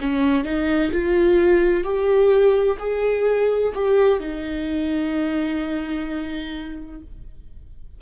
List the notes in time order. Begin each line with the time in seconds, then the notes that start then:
0.00 C#4
0.44 D#4
0.92 F4
1.84 G4
2.79 G#4
3.75 G4
4.20 D#4